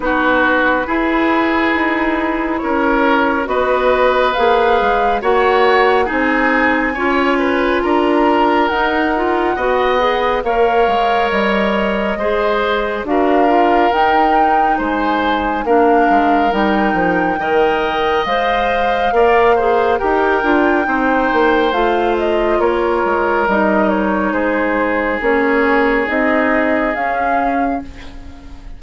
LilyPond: <<
  \new Staff \with { instrumentName = "flute" } { \time 4/4 \tempo 4 = 69 b'2. cis''4 | dis''4 f''4 fis''4 gis''4~ | gis''4 ais''4 fis''2 | f''4 dis''2 f''4 |
g''4 gis''4 f''4 g''4~ | g''4 f''2 g''4~ | g''4 f''8 dis''8 cis''4 dis''8 cis''8 | c''4 cis''4 dis''4 f''4 | }
  \new Staff \with { instrumentName = "oboe" } { \time 4/4 fis'4 gis'2 ais'4 | b'2 cis''4 gis'4 | cis''8 b'8 ais'2 dis''4 | cis''2 c''4 ais'4~ |
ais'4 c''4 ais'2 | dis''2 d''8 c''8 ais'4 | c''2 ais'2 | gis'1 | }
  \new Staff \with { instrumentName = "clarinet" } { \time 4/4 dis'4 e'2. | fis'4 gis'4 fis'4 dis'4 | f'2 dis'8 f'8 fis'8 gis'8 | ais'2 gis'4 fis'8 f'8 |
dis'2 d'4 dis'4 | ais'4 c''4 ais'8 gis'8 g'8 f'8 | dis'4 f'2 dis'4~ | dis'4 cis'4 dis'4 cis'4 | }
  \new Staff \with { instrumentName = "bassoon" } { \time 4/4 b4 e'4 dis'4 cis'4 | b4 ais8 gis8 ais4 c'4 | cis'4 d'4 dis'4 b4 | ais8 gis8 g4 gis4 d'4 |
dis'4 gis4 ais8 gis8 g8 f8 | dis4 gis4 ais4 dis'8 d'8 | c'8 ais8 a4 ais8 gis8 g4 | gis4 ais4 c'4 cis'4 | }
>>